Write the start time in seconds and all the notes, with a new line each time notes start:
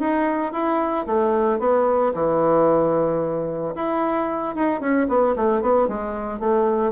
0.00 D#4
0.53 E4
1.07 A3
1.60 B3
2.14 E3
3.76 E4
4.56 D#4
4.81 C#4
5.09 B3
5.36 A3
5.62 B3
5.89 G#3
6.40 A3